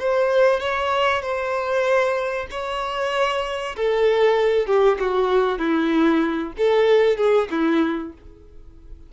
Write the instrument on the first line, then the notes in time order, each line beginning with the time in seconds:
violin
0.00 C5
0.61 C#5
1.23 C5
2.51 C#5
3.77 A4
4.67 G4
5.00 F#4
5.59 E4
6.58 A4
7.18 G#4
7.51 E4